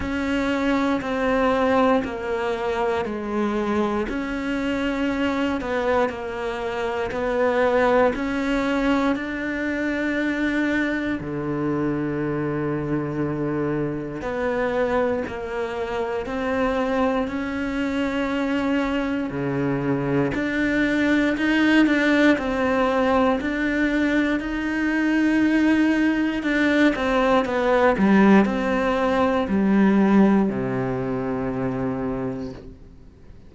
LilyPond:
\new Staff \with { instrumentName = "cello" } { \time 4/4 \tempo 4 = 59 cis'4 c'4 ais4 gis4 | cis'4. b8 ais4 b4 | cis'4 d'2 d4~ | d2 b4 ais4 |
c'4 cis'2 cis4 | d'4 dis'8 d'8 c'4 d'4 | dis'2 d'8 c'8 b8 g8 | c'4 g4 c2 | }